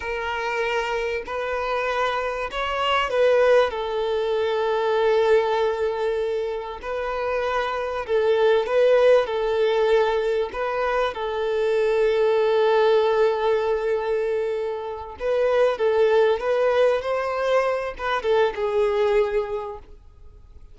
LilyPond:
\new Staff \with { instrumentName = "violin" } { \time 4/4 \tempo 4 = 97 ais'2 b'2 | cis''4 b'4 a'2~ | a'2. b'4~ | b'4 a'4 b'4 a'4~ |
a'4 b'4 a'2~ | a'1~ | a'8 b'4 a'4 b'4 c''8~ | c''4 b'8 a'8 gis'2 | }